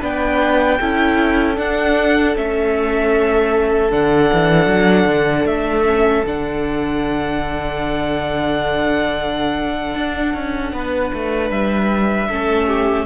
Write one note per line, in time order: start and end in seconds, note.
0.00 0.80 B3
0.00 0.80 D4
0.00 0.78 B4
0.00 1.58 G5
0.80 1.58 C#4
0.80 1.56 E4
0.80 10.73 A4
1.56 2.34 D4
1.56 2.36 D4
1.56 2.36 F#5
2.35 3.92 A3
2.35 3.91 C#4
2.35 3.92 E5
3.91 4.31 D3
3.91 5.85 D4
3.91 5.47 F#5
4.33 4.66 E3
4.66 5.05 F#3
5.06 5.45 D3
5.45 6.23 A3
5.45 6.25 E5
5.85 6.24 C#4
6.27 9.95 D3
6.27 12.30 D4
6.27 11.51 F#5
9.95 10.34 D4
10.34 10.73 C#4
10.73 11.12 B3
10.73 12.29 B4
11.14 11.50 A3
11.50 12.28 G3
11.50 13.06 E5
12.29 13.06 A3
12.29 13.06 C#4
12.29 12.67 A4
12.67 13.06 G4